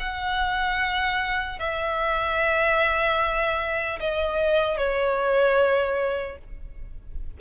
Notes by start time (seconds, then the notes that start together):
0.00 F#5
1.59 E5
4.00 D#5
4.77 C#5